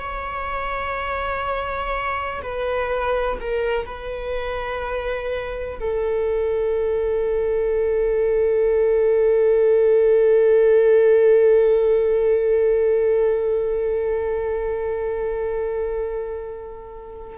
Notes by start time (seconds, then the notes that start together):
0.00 C#5
2.42 B4
3.40 A#4
3.86 B4
5.80 A4